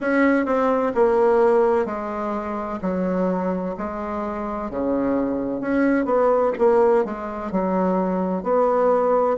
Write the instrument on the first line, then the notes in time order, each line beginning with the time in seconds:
bassoon
0.00 C#4
0.45 C4
0.94 A#3
1.85 G#3
2.81 F#3
3.78 G#3
4.70 C#3
5.60 C#4
6.05 B3
6.58 A#3
7.04 G#3
7.51 F#3
8.43 B3